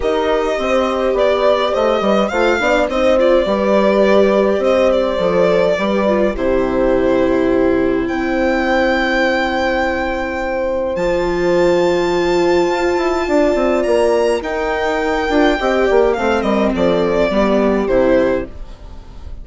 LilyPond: <<
  \new Staff \with { instrumentName = "violin" } { \time 4/4 \tempo 4 = 104 dis''2 d''4 dis''4 | f''4 dis''8 d''2~ d''8 | dis''8 d''2~ d''8 c''4~ | c''2 g''2~ |
g''2. a''4~ | a''1 | ais''4 g''2. | f''8 dis''8 d''2 c''4 | }
  \new Staff \with { instrumentName = "horn" } { \time 4/4 ais'4 c''4 d''4 c''8 b'8 | c''8 d''8 c''4 b'2 | c''2 b'4 g'4~ | g'2 c''2~ |
c''1~ | c''2. d''4~ | d''4 ais'2 dis''8 d''8 | c''8 ais'8 a'4 g'2 | }
  \new Staff \with { instrumentName = "viola" } { \time 4/4 g'1 | f'8 d'8 dis'8 f'8 g'2~ | g'4 a'4 g'8 f'8 e'4~ | e'1~ |
e'2. f'4~ | f'1~ | f'4 dis'4. f'8 g'4 | c'2 b4 e'4 | }
  \new Staff \with { instrumentName = "bassoon" } { \time 4/4 dis'4 c'4 b4 a8 g8 | a8 b8 c'4 g2 | c'4 f4 g4 c4~ | c2 c'2~ |
c'2. f4~ | f2 f'8 e'8 d'8 c'8 | ais4 dis'4. d'8 c'8 ais8 | a8 g8 f4 g4 c4 | }
>>